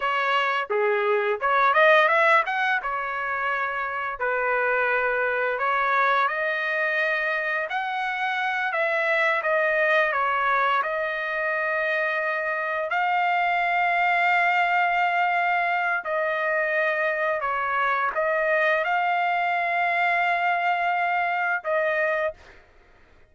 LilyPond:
\new Staff \with { instrumentName = "trumpet" } { \time 4/4 \tempo 4 = 86 cis''4 gis'4 cis''8 dis''8 e''8 fis''8 | cis''2 b'2 | cis''4 dis''2 fis''4~ | fis''8 e''4 dis''4 cis''4 dis''8~ |
dis''2~ dis''8 f''4.~ | f''2. dis''4~ | dis''4 cis''4 dis''4 f''4~ | f''2. dis''4 | }